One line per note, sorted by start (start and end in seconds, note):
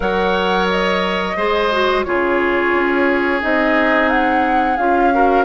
0.00 1.36 F#3
0.00 1.33 A#4
0.00 1.36 C#5
0.00 0.67 F#5
0.70 2.04 D#5
1.36 2.05 G#3
1.36 1.71 G#4
1.36 2.05 C5
1.71 2.05 F#4
2.04 2.74 C#3
2.04 3.40 F4
2.04 5.14 G#4
2.04 3.40 C#5
2.74 3.42 C#4
3.40 4.78 C4
3.40 4.77 D#4
3.40 4.09 D#5
4.09 4.77 F#5
4.77 5.44 C#4
4.77 5.12 F4
4.77 5.44 F5
5.12 5.44 F#4
5.12 5.44 A#4